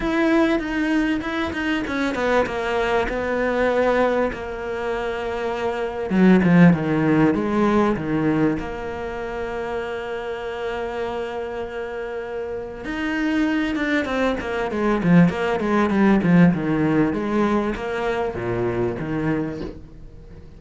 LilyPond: \new Staff \with { instrumentName = "cello" } { \time 4/4 \tempo 4 = 98 e'4 dis'4 e'8 dis'8 cis'8 b8 | ais4 b2 ais4~ | ais2 fis8 f8 dis4 | gis4 dis4 ais2~ |
ais1~ | ais4 dis'4. d'8 c'8 ais8 | gis8 f8 ais8 gis8 g8 f8 dis4 | gis4 ais4 ais,4 dis4 | }